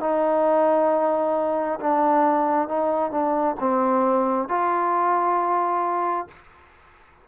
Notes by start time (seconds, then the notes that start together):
0.00 D#4
1.80 D4
2.68 D#4
3.11 D4
3.60 C4
4.49 F4